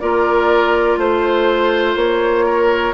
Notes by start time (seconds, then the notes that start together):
0.00 A#3 F4 A#4 D5
0.98 A3 C5
1.96 A#3 C#5
2.45 A#4